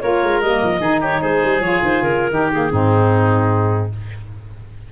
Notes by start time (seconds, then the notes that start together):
0.00 A#3 F4 A#4 C#5
0.23 G#3
0.40 G3 A#3 D#5
0.63 F3
0.79 D#3 D#4 G#4
1.00 G4 C#5
1.21 G#3 G#4 C5
1.43 G3
1.60 F3 F4 C#5
1.81 D#3 C5
2.01 C#3 A#4
2.30 D#3 D#4 G4
2.52 A#3 G#4
2.71 G#2 C4 D#4